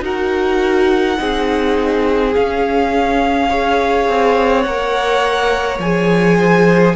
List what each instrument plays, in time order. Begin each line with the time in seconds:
0.00 cello D#4, viola F#4, violin A#4 F#5
1.17 cello C4, viola D#4, violin G#4
2.35 viola C#4, cello C#4, violin F5
3.49 viola G#4, violin C#5
4.08 cello C4
4.62 cello A#3, viola A#4, violin F#5
5.79 cello F3, viola G#4, violin G#5
6.37 violin C5